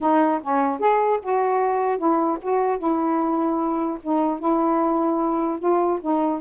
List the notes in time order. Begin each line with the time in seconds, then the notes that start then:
0.01 D#4
0.42 C#4
0.79 G#4
1.22 F#4
1.97 E4
2.41 F#4
2.78 E4
4.02 D#4
4.39 E4
5.59 F4
6.01 D#4